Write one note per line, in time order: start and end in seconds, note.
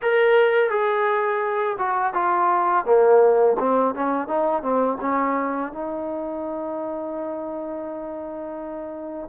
0.02 0.69 A#4
0.69 1.77 G#4
1.78 2.13 F#4
2.13 2.85 F4
2.85 3.56 A#3
3.59 3.94 C4
3.94 4.27 C#4
4.27 4.62 D#4
4.62 4.98 C4
5.00 5.72 C#4
5.72 9.29 D#4